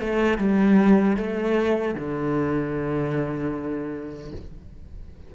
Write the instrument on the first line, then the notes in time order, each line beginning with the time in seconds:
cello
0.00 A3
0.38 G3
1.17 A3
1.95 D3